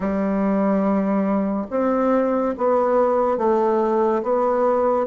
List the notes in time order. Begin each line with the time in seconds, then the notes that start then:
0.00 G3
1.70 C4
2.57 B3
3.37 A3
4.23 B3